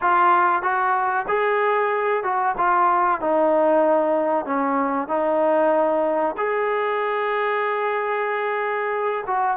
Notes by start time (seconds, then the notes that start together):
0.01 F4
0.62 F#4
1.28 G#4
2.23 F#4
2.57 F4
3.21 D#4
4.45 C#4
5.08 D#4
6.37 G#4
9.26 F#4